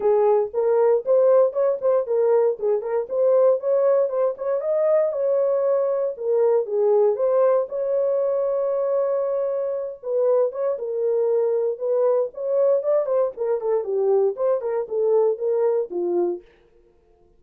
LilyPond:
\new Staff \with { instrumentName = "horn" } { \time 4/4 \tempo 4 = 117 gis'4 ais'4 c''4 cis''8 c''8 | ais'4 gis'8 ais'8 c''4 cis''4 | c''8 cis''8 dis''4 cis''2 | ais'4 gis'4 c''4 cis''4~ |
cis''2.~ cis''8 b'8~ | b'8 cis''8 ais'2 b'4 | cis''4 d''8 c''8 ais'8 a'8 g'4 | c''8 ais'8 a'4 ais'4 f'4 | }